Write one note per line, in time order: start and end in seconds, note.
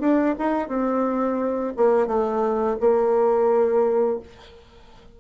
0.00 0.35 D4
0.39 0.68 D#4
0.68 1.73 C4
1.76 2.07 A#3
2.07 2.77 A3
2.80 4.20 A#3